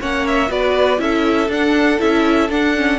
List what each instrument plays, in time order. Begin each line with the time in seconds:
0.00 cello A#3, viola C#4, violin C#5 F#5
0.27 violin E5
0.47 cello B3, viola F#4, violin B4 D5
0.98 cello C#4, viola E4, violin A4 E5
1.48 cello D4, viola D4, violin F#5
1.99 cello C#4, viola E4, violin E5
2.49 cello D4, viola D4, violin F#5
2.76 viola C#4